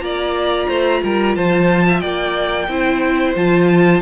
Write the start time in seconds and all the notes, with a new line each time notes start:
0.00 A#3 F4 D5 A#5
0.68 A3 C5
1.04 G3 A#4
1.36 F3 C5 A5
1.89 E5
2.00 A#3 D5 G5
2.69 C4 E4 C5
3.36 F3 F4 A5